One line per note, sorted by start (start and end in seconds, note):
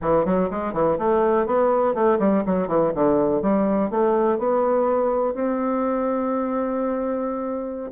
0.01 0.25 E3
0.25 0.49 F#3
0.50 0.73 G#3
0.73 0.97 E3
0.98 1.46 A3
1.46 1.94 B3
1.94 2.18 A3
2.19 2.43 G3
2.46 2.67 F#3
2.67 2.92 E3
2.94 3.41 D3
3.41 3.90 G3
3.90 4.38 A3
4.38 5.34 B3
5.34 7.90 C4